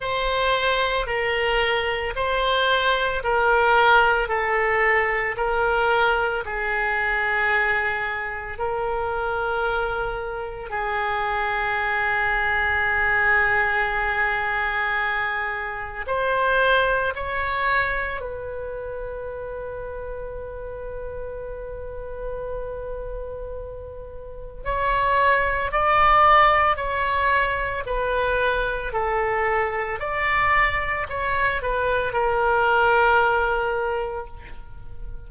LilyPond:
\new Staff \with { instrumentName = "oboe" } { \time 4/4 \tempo 4 = 56 c''4 ais'4 c''4 ais'4 | a'4 ais'4 gis'2 | ais'2 gis'2~ | gis'2. c''4 |
cis''4 b'2.~ | b'2. cis''4 | d''4 cis''4 b'4 a'4 | d''4 cis''8 b'8 ais'2 | }